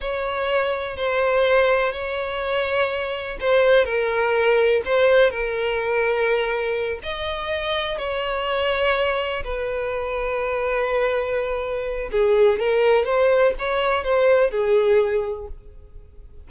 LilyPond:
\new Staff \with { instrumentName = "violin" } { \time 4/4 \tempo 4 = 124 cis''2 c''2 | cis''2. c''4 | ais'2 c''4 ais'4~ | ais'2~ ais'8 dis''4.~ |
dis''8 cis''2. b'8~ | b'1~ | b'4 gis'4 ais'4 c''4 | cis''4 c''4 gis'2 | }